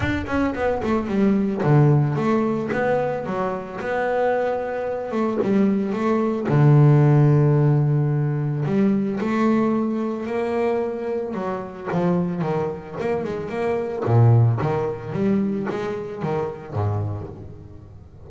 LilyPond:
\new Staff \with { instrumentName = "double bass" } { \time 4/4 \tempo 4 = 111 d'8 cis'8 b8 a8 g4 d4 | a4 b4 fis4 b4~ | b4. a8 g4 a4 | d1 |
g4 a2 ais4~ | ais4 fis4 f4 dis4 | ais8 gis8 ais4 ais,4 dis4 | g4 gis4 dis4 gis,4 | }